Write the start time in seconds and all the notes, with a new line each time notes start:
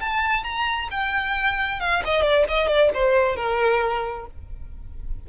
0.00 A5
0.43 A#5
0.91 G5
1.80 F5
2.05 D#5
2.22 D5
2.48 D#5
2.67 D5
2.94 C5
3.36 A#4